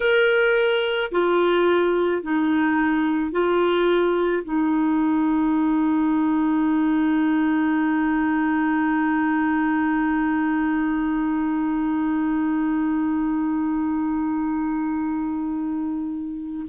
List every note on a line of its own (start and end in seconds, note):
0.00 1.11 A#4
1.11 2.22 F4
2.22 3.31 D#4
3.31 4.42 F4
4.43 16.66 D#4